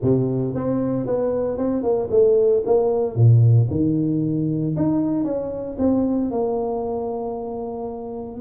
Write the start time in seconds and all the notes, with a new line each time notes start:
0.02 C3
0.54 C4
1.06 B3
1.57 C4
1.82 A#3
2.10 A3
2.65 A#3
3.15 A#2
3.70 D#3
4.76 D#4
5.24 C#4
5.78 C4
6.31 A#3